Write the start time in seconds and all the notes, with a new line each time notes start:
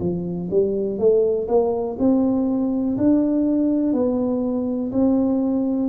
0.00 F3
0.51 G3
0.99 A3
1.48 A#3
1.99 C4
2.98 D4
3.93 B3
4.92 C4